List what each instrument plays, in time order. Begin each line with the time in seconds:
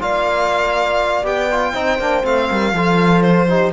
0.00 cello A#3, trombone F4, horn D5, violin F5
1.22 cello B3, trombone G4, violin G5
1.51 trombone F4
1.73 cello C4, trombone D#4, horn C5
1.99 cello A#3, trombone D4
2.23 cello A3, trombone C4, violin F5
2.50 cello G3, horn A#4
2.73 cello F3, trombone F4, horn A4
3.22 violin C5
3.48 trombone D#4, horn G4